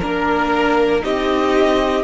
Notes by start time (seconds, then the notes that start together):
0.00 A#3 D4 A#4
1.01 C4 D#4 G4 D#5